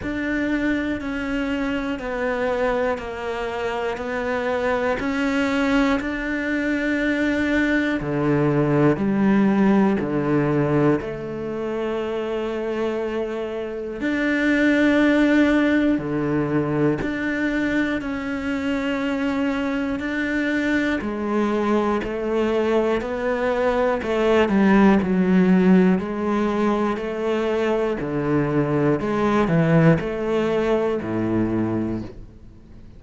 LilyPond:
\new Staff \with { instrumentName = "cello" } { \time 4/4 \tempo 4 = 60 d'4 cis'4 b4 ais4 | b4 cis'4 d'2 | d4 g4 d4 a4~ | a2 d'2 |
d4 d'4 cis'2 | d'4 gis4 a4 b4 | a8 g8 fis4 gis4 a4 | d4 gis8 e8 a4 a,4 | }